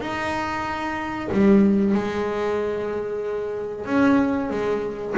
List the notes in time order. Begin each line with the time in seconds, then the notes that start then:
0.00 D#4
1.32 G3
1.94 G#3
3.86 C#4
4.50 G#3